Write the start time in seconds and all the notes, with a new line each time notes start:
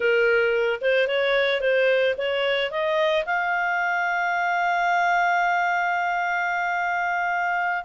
0.00 A#4
0.81 C5
1.07 C#5
1.60 C5
2.17 C#5
2.71 D#5
3.25 F5